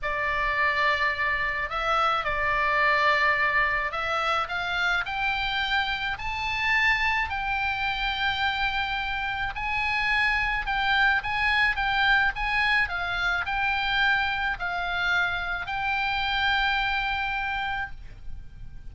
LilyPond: \new Staff \with { instrumentName = "oboe" } { \time 4/4 \tempo 4 = 107 d''2. e''4 | d''2. e''4 | f''4 g''2 a''4~ | a''4 g''2.~ |
g''4 gis''2 g''4 | gis''4 g''4 gis''4 f''4 | g''2 f''2 | g''1 | }